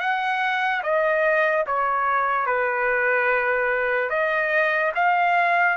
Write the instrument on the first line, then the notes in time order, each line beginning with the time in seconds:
trumpet
0.00 F#5
0.83 D#5
1.67 C#5
2.46 B4
4.10 D#5
4.95 F5